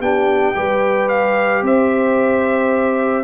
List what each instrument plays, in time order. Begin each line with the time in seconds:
0.00 tuba B3, trombone D4, horn G4, trumpet G5
0.55 tuba G3, trombone G4, horn B4
1.09 trumpet F5
1.62 tuba C4, horn C5, trumpet E5